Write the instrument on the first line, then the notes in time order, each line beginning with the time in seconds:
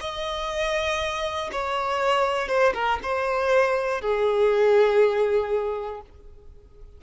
violin
0.00 D#5
1.51 C#5
2.48 C5
2.74 A#4
3.03 C5
4.01 G#4